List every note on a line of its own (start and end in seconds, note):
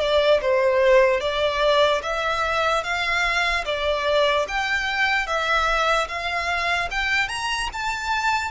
0.00 0.41 D5
0.42 1.21 C5
1.21 2.02 D5
2.03 2.83 E5
2.83 3.64 F5
3.65 4.46 D5
4.48 5.27 G5
5.27 6.08 E5
6.08 6.89 F5
6.91 7.29 G5
7.29 7.69 A#5
7.72 8.51 A5